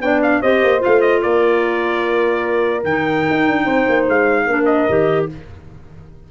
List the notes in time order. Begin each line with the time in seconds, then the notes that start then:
0.00 B3 D4 D5 G5
0.22 F5
0.41 C4 G4 C5 D#5
0.63 A#3
0.79 F4 F5
0.86 A3
1.01 D#5
1.22 A#3 A#4 D5
2.84 D#3 D#4 G5
3.30 D#4
3.48 D4
3.65 C4 C5
3.88 A#3
4.08 G#3 F5
4.47 A#3 D4 A#4
4.65 D#5
4.88 D#3 G4